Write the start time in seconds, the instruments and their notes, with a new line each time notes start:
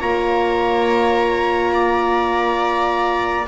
0.00 double bass A#3, horn F4, viola C#5, trumpet A#5
1.74 viola D5